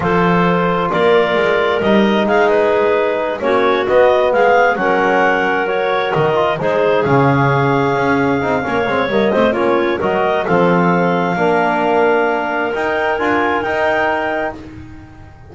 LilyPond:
<<
  \new Staff \with { instrumentName = "clarinet" } { \time 4/4 \tempo 4 = 132 c''2 d''2 | dis''4 f''8 b'2 cis''8~ | cis''8 dis''4 f''4 fis''4.~ | fis''8 cis''4 dis''4 c''4 f''8~ |
f''1 | dis''4 cis''4 dis''4 f''4~ | f''1 | g''4 gis''4 g''2 | }
  \new Staff \with { instrumentName = "clarinet" } { \time 4/4 a'2 ais'2~ | ais'4 gis'2~ gis'8 fis'8~ | fis'4. gis'4 ais'4.~ | ais'2~ ais'8 gis'4.~ |
gis'2. cis''4~ | cis''8 c''8 f'4 ais'4 a'4~ | a'4 ais'2.~ | ais'1 | }
  \new Staff \with { instrumentName = "trombone" } { \time 4/4 f'1 | dis'2.~ dis'8 cis'8~ | cis'8 b2 cis'4.~ | cis'8 fis'4. f'8 dis'4 cis'8~ |
cis'2~ cis'8 dis'8 cis'8 c'8 | ais8 c'8 cis'4 fis'4 c'4~ | c'4 d'2. | dis'4 f'4 dis'2 | }
  \new Staff \with { instrumentName = "double bass" } { \time 4/4 f2 ais4 gis4 | g4 gis2~ gis8 ais8~ | ais8 b4 gis4 fis4.~ | fis4. dis4 gis4 cis8~ |
cis4. cis'4 c'8 ais8 gis8 | g8 a8 ais4 fis4 f4~ | f4 ais2. | dis'4 d'4 dis'2 | }
>>